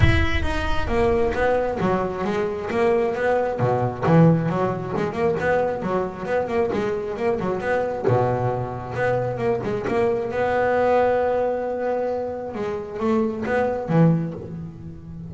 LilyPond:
\new Staff \with { instrumentName = "double bass" } { \time 4/4 \tempo 4 = 134 e'4 dis'4 ais4 b4 | fis4 gis4 ais4 b4 | b,4 e4 fis4 gis8 ais8 | b4 fis4 b8 ais8 gis4 |
ais8 fis8 b4 b,2 | b4 ais8 gis8 ais4 b4~ | b1 | gis4 a4 b4 e4 | }